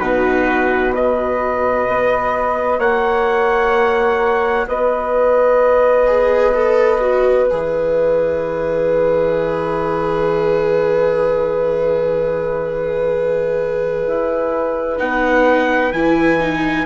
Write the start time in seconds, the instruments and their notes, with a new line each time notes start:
0.00 bassoon B2, viola D#4, flute F#4, trumpet B4
0.94 viola F#4, flute B4, trumpet D#5
1.89 bassoon B3
2.79 bassoon A#3, flute C#5, trumpet F#5
4.68 bassoon B3, flute B4, trumpet D#5
6.07 viola G#4
6.54 viola A4
7.01 viola F#4
7.50 bassoon E3, viola G#4, trumpet E5
14.07 bassoon E4
14.98 bassoon B3, viola D#4, trumpet F#5
15.93 bassoon E3, viola E4, trumpet G#5
16.40 viola D#4